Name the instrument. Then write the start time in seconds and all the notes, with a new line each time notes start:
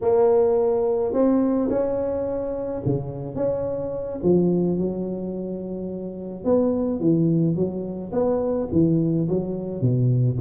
tuba
0.01 A#3
1.13 C4
1.69 C#4
2.85 C#3
3.35 C#4
4.23 F3
4.78 F#3
6.44 B3
7.00 E3
7.55 F#3
8.12 B3
8.71 E3
9.28 F#3
9.81 B2